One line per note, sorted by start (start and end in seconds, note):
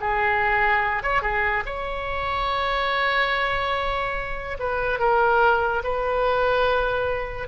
0.00 1.03 G#4
1.03 1.22 C#5
1.22 1.64 G#4
1.66 4.57 C#5
4.59 4.99 B4
4.99 5.82 A#4
5.83 7.48 B4